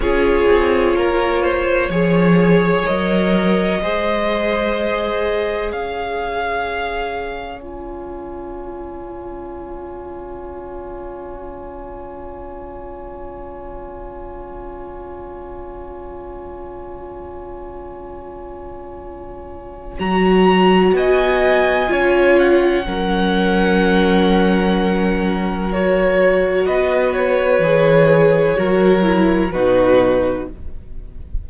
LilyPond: <<
  \new Staff \with { instrumentName = "violin" } { \time 4/4 \tempo 4 = 63 cis''2. dis''4~ | dis''2 f''2 | gis''1~ | gis''1~ |
gis''1~ | gis''4 ais''4 gis''4. fis''8~ | fis''2. cis''4 | dis''8 cis''2~ cis''8 b'4 | }
  \new Staff \with { instrumentName = "violin" } { \time 4/4 gis'4 ais'8 c''8 cis''2 | c''2 cis''2~ | cis''1~ | cis''1~ |
cis''1~ | cis''2 dis''4 cis''4 | ais'1 | b'2 ais'4 fis'4 | }
  \new Staff \with { instrumentName = "viola" } { \time 4/4 f'2 gis'4 ais'4 | gis'1 | f'1~ | f'1~ |
f'1~ | f'4 fis'2 f'4 | cis'2. fis'4~ | fis'4 gis'4 fis'8 e'8 dis'4 | }
  \new Staff \with { instrumentName = "cello" } { \time 4/4 cis'8 c'8 ais4 f4 fis4 | gis2 cis'2~ | cis'1~ | cis'1~ |
cis'1~ | cis'4 fis4 b4 cis'4 | fis1 | b4 e4 fis4 b,4 | }
>>